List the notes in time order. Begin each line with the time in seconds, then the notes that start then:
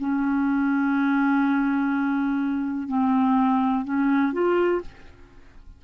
0.00 C#4
2.88 C4
3.85 C#4
4.33 F4